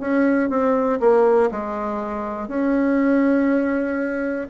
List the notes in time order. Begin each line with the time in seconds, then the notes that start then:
0.00 C#4
0.49 C4
1.00 A#3
1.51 G#3
2.48 C#4